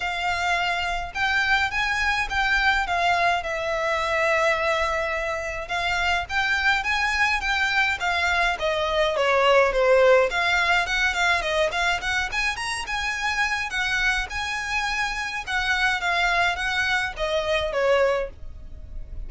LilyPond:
\new Staff \with { instrumentName = "violin" } { \time 4/4 \tempo 4 = 105 f''2 g''4 gis''4 | g''4 f''4 e''2~ | e''2 f''4 g''4 | gis''4 g''4 f''4 dis''4 |
cis''4 c''4 f''4 fis''8 f''8 | dis''8 f''8 fis''8 gis''8 ais''8 gis''4. | fis''4 gis''2 fis''4 | f''4 fis''4 dis''4 cis''4 | }